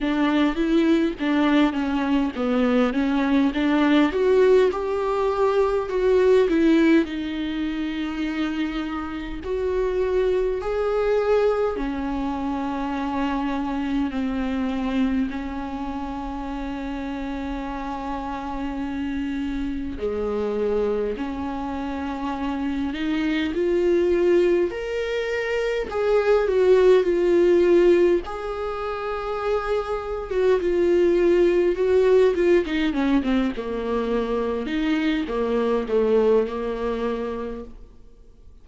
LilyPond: \new Staff \with { instrumentName = "viola" } { \time 4/4 \tempo 4 = 51 d'8 e'8 d'8 cis'8 b8 cis'8 d'8 fis'8 | g'4 fis'8 e'8 dis'2 | fis'4 gis'4 cis'2 | c'4 cis'2.~ |
cis'4 gis4 cis'4. dis'8 | f'4 ais'4 gis'8 fis'8 f'4 | gis'4.~ gis'16 fis'16 f'4 fis'8 f'16 dis'16 | cis'16 c'16 ais4 dis'8 ais8 a8 ais4 | }